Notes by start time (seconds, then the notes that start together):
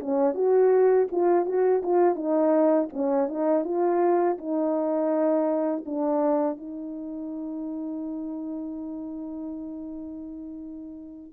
0.00 C#4
0.35 F#4
1.12 F4
1.46 F#4
1.83 F4
2.15 D#4
2.93 C#4
3.28 D#4
3.65 F4
4.38 D#4
5.86 D4
6.58 D#4